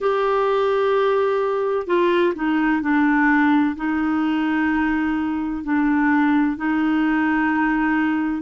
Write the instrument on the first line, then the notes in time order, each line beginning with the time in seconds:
clarinet
0.00 G4
1.86 F4
2.35 D#4
2.81 D4
3.75 D#4
5.63 D4
6.56 D#4